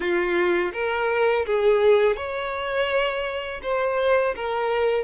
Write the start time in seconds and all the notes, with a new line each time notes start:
0.00 F4
0.73 A#4
1.46 G#4
2.16 C#5
3.62 C5
4.35 A#4